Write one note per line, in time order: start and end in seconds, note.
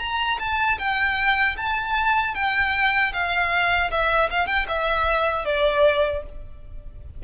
0.00 0.39 A#5
0.40 0.79 A5
0.79 1.57 G5
1.57 2.35 A5
2.35 3.13 G5
3.13 3.91 F5
3.91 4.30 E5
4.31 4.47 F5
4.47 4.66 G5
4.69 5.45 E5
5.45 6.23 D5